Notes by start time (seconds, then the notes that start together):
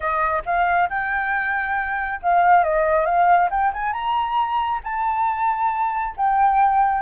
0.00 D#5
0.45 F5
0.89 G5
2.22 F5
2.63 D#5
3.05 F5
3.50 G5
3.73 G#5
3.92 A#5
4.83 A5
6.16 G5